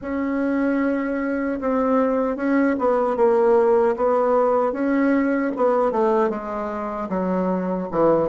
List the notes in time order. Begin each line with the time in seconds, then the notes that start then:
0.01 C#4
1.60 C4
2.36 C#4
2.78 B3
3.16 A#3
3.96 B3
4.72 C#4
5.56 B3
5.91 A3
6.29 G#3
7.09 F#3
7.91 E3